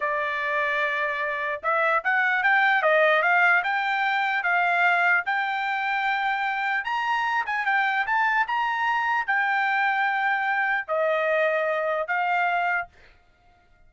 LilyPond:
\new Staff \with { instrumentName = "trumpet" } { \time 4/4 \tempo 4 = 149 d''1 | e''4 fis''4 g''4 dis''4 | f''4 g''2 f''4~ | f''4 g''2.~ |
g''4 ais''4. gis''8 g''4 | a''4 ais''2 g''4~ | g''2. dis''4~ | dis''2 f''2 | }